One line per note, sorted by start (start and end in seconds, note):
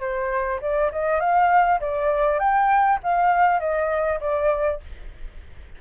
0.00 0.60 C5
0.61 0.91 D5
0.92 1.20 D#5
1.20 1.80 F5
1.81 2.39 D5
2.39 2.99 G5
3.03 3.60 F5
3.60 4.20 D#5
4.21 4.81 D5